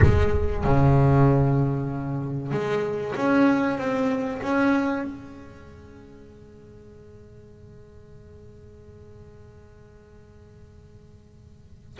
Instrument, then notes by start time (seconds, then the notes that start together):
double bass
0.01 G#3
0.63 C#3
2.51 G#3
3.15 C#4
3.78 C4
4.42 C#4
5.04 G#3